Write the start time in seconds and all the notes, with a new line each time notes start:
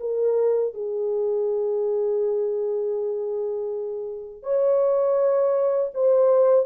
0.00 A#4
0.74 G#4
4.43 C#5
5.94 C5